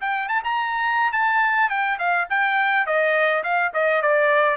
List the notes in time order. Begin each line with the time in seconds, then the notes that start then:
0.00 G5
0.28 A5
0.44 A#5
1.12 A5
1.69 G5
1.99 F5
2.29 G5
2.86 D#5
3.43 F5
3.74 D#5
4.02 D5